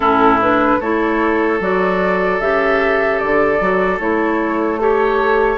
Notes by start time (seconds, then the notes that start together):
0.00 A2 C#4 E4 A4
0.41 D4 B4
0.80 A3 E4 A4 C#5
1.60 F#3 F#4 D5
2.40 C#3 G4 E5
3.19 D3 D5
3.60 F#3 F#4
3.99 A3 E4 C#5
4.79 G4 A4 C#5